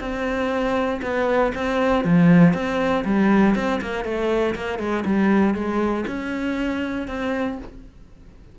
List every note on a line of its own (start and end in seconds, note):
0.00 1.01 C4
1.02 1.52 B3
1.54 2.04 C4
2.04 2.53 F3
2.53 3.04 C4
3.05 3.55 G3
3.55 3.80 C4
3.81 4.04 A#3
4.04 4.54 A3
4.55 4.79 A#3
4.79 5.04 G#3
5.05 5.54 G3
5.54 6.05 G#3
6.07 7.07 C#4
7.07 7.58 C4